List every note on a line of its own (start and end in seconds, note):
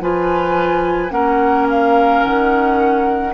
0.00 1.11 F3
0.00 1.10 F4
0.00 1.13 B4
0.00 1.11 G#5
1.10 2.22 A#3
1.10 3.32 C#4
1.10 3.34 A#4
1.10 1.67 F#5
1.69 2.23 F5
2.23 3.34 D#3
2.23 3.34 F#5